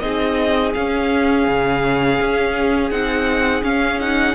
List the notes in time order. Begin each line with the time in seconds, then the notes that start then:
0.00 C4 D#4 G#4 D#5
0.74 C#4 F5
1.48 C#3
2.21 C#4
2.91 C4 D#4 F#5
3.63 C#4 F5
4.00 D#4 F#5